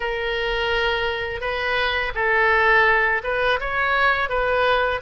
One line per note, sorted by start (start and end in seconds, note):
0.00 1.41 A#4
1.41 2.12 B4
2.14 3.21 A4
3.23 3.59 B4
3.60 4.29 C#5
4.29 5.00 B4